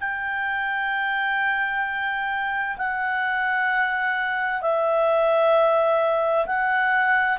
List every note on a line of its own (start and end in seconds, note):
0.00 2.77 G5
2.77 4.61 F#5
4.61 6.46 E5
6.46 7.38 F#5